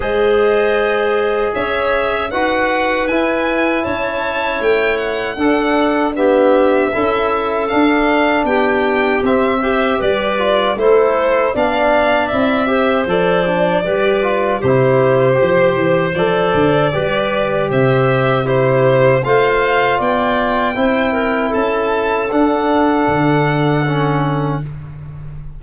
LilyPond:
<<
  \new Staff \with { instrumentName = "violin" } { \time 4/4 \tempo 4 = 78 dis''2 e''4 fis''4 | gis''4 a''4 g''8 fis''4. | e''2 f''4 g''4 | e''4 d''4 c''4 f''4 |
e''4 d''2 c''4~ | c''4 d''2 e''4 | c''4 f''4 g''2 | a''4 fis''2. | }
  \new Staff \with { instrumentName = "clarinet" } { \time 4/4 c''2 cis''4 b'4~ | b'4 cis''2 a'4 | g'4 a'2 g'4~ | g'8 c''8 b'4 a'4 d''4~ |
d''8 c''4. b'4 g'4 | c''2 b'4 c''4 | g'4 c''4 d''4 c''8 ais'8 | a'1 | }
  \new Staff \with { instrumentName = "trombone" } { \time 4/4 gis'2. fis'4 | e'2. d'4 | b4 e'4 d'2 | c'8 g'4 f'8 e'4 d'4 |
e'8 g'8 a'8 d'8 g'8 f'8 e'4 | g'4 a'4 g'2 | e'4 f'2 e'4~ | e'4 d'2 cis'4 | }
  \new Staff \with { instrumentName = "tuba" } { \time 4/4 gis2 cis'4 dis'4 | e'4 cis'4 a4 d'4~ | d'4 cis'4 d'4 b4 | c'4 g4 a4 b4 |
c'4 f4 g4 c4 | f8 e8 f8 d8 g4 c4~ | c4 a4 b4 c'4 | cis'4 d'4 d2 | }
>>